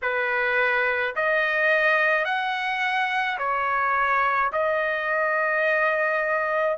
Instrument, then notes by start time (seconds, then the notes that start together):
trumpet
0.02 B4
1.15 D#5
2.24 F#5
3.38 C#5
4.52 D#5